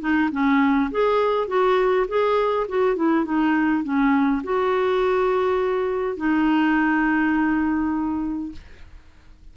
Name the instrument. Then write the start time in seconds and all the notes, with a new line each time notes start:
clarinet
0.00 D#4
0.32 C#4
0.91 G#4
1.48 F#4
2.08 G#4
2.68 F#4
2.96 E4
3.25 D#4
3.83 C#4
4.43 F#4
6.17 D#4